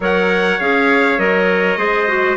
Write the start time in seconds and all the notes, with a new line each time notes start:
0.00 F#3 A#4 C#5 F#5
0.60 C#4 G#4 F5
1.18 F#3 A#4 D#5
1.77 G#3 G#4 C5
2.08 F#4